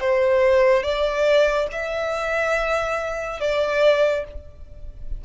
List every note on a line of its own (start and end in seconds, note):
0.00 0.83 C5
0.83 1.67 D5
1.71 3.40 E5
3.40 4.24 D5